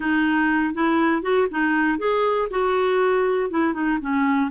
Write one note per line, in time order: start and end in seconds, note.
0.00 0.73 D#4
0.73 1.22 E4
1.22 1.47 F#4
1.50 1.98 D#4
1.98 2.48 G#4
2.50 3.50 F#4
3.50 3.73 E4
3.73 3.98 D#4
4.01 4.50 C#4